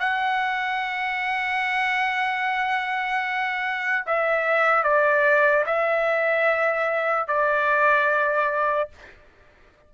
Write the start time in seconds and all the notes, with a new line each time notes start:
0.00 F#5
4.07 E5
4.84 D5
5.66 E5
7.28 D5